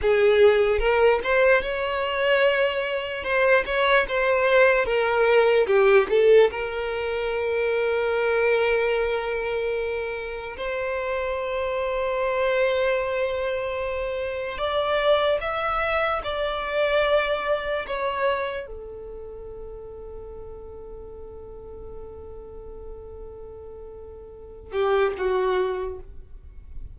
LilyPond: \new Staff \with { instrumentName = "violin" } { \time 4/4 \tempo 4 = 74 gis'4 ais'8 c''8 cis''2 | c''8 cis''8 c''4 ais'4 g'8 a'8 | ais'1~ | ais'4 c''2.~ |
c''2 d''4 e''4 | d''2 cis''4 a'4~ | a'1~ | a'2~ a'8 g'8 fis'4 | }